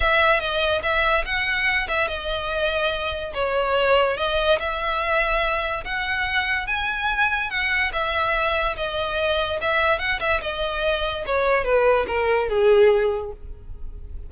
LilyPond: \new Staff \with { instrumentName = "violin" } { \time 4/4 \tempo 4 = 144 e''4 dis''4 e''4 fis''4~ | fis''8 e''8 dis''2. | cis''2 dis''4 e''4~ | e''2 fis''2 |
gis''2 fis''4 e''4~ | e''4 dis''2 e''4 | fis''8 e''8 dis''2 cis''4 | b'4 ais'4 gis'2 | }